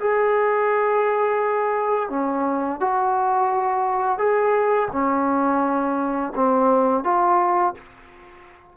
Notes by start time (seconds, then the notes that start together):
0.00 G#4
2.10 C#4
2.80 F#4
4.18 G#4
4.92 C#4
6.35 C4
7.04 F4